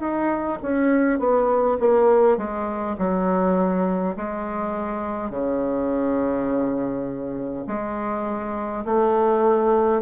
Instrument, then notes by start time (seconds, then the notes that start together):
bassoon
0.00 D#4
0.63 C#4
1.19 B3
1.80 A#3
2.38 G#3
2.98 F#3
4.17 G#3
5.30 C#3
7.67 G#3
8.86 A3